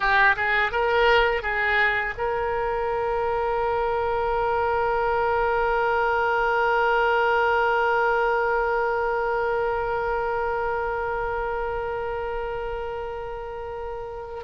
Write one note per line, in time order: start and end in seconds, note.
0.00 0.35 G4
0.36 0.71 G#4
0.71 1.42 A#4
1.42 2.14 G#4
2.17 14.44 A#4